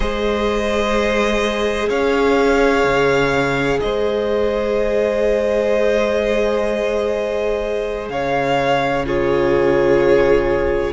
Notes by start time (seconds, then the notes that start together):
0.00 G#3 G#4 C5 D#5
1.88 C#4 C#5 F5
2.84 C#3
3.80 G#3 C5 D#5
8.08 C#3 C#5 F5
9.05 F4 G#4 C#5